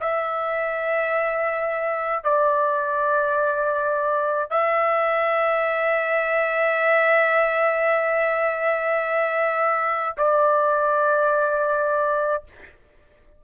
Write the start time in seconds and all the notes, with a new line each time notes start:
0.00 E5
2.23 D5
4.50 E5
10.17 D5